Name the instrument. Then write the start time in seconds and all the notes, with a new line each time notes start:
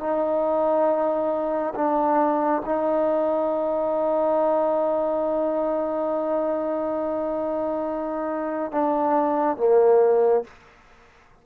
trombone
0.00 D#4
1.75 D4
2.66 D#4
8.72 D4
9.57 A#3